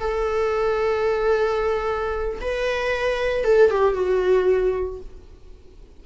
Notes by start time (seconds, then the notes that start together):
0.00 A4
2.41 B4
3.44 A4
3.70 G4
3.94 F#4